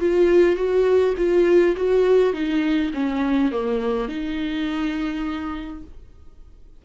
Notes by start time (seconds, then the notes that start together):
0.00 F4
0.56 F#4
1.17 F4
1.76 F#4
2.33 D#4
2.94 C#4
3.52 A#3
4.08 D#4